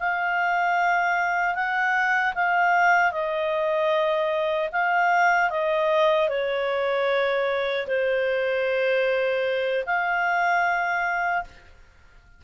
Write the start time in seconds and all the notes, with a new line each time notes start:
0.00 F5
1.55 F#5
2.35 F5
3.12 D#5
4.72 F5
5.50 D#5
6.29 C#5
7.87 C5
9.86 F5